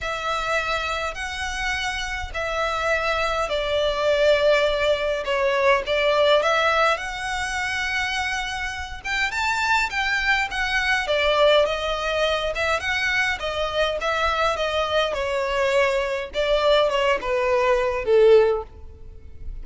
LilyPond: \new Staff \with { instrumentName = "violin" } { \time 4/4 \tempo 4 = 103 e''2 fis''2 | e''2 d''2~ | d''4 cis''4 d''4 e''4 | fis''2.~ fis''8 g''8 |
a''4 g''4 fis''4 d''4 | dis''4. e''8 fis''4 dis''4 | e''4 dis''4 cis''2 | d''4 cis''8 b'4. a'4 | }